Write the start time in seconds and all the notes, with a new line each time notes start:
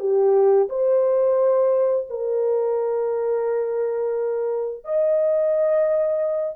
0.00 G4
0.70 C5
2.10 A#4
4.85 D#5